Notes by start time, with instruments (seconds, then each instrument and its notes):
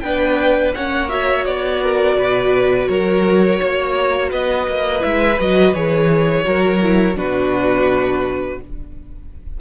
0.00 cello B3, viola D4, violin B4 G5
0.74 cello A#3, viola C#4, violin C#5 F#5
1.09 viola F#4, violin E5
1.44 cello B3, violin D5
1.82 violin A#4
2.16 cello B2, violin B4
2.88 cello F#3, violin A#4 C#5
3.59 cello A#3, violin C#5
4.29 cello B3, violin B4 D#5
4.67 cello A#3
4.99 cello G#3, viola E4, violin E5
5.39 cello F#3, viola F#4, violin D#5
5.73 cello E3, viola G#4, violin C#5
6.43 cello F#3, viola F#4, violin A#4
6.82 viola E4
7.15 cello B2, viola D4, violin F#4 B4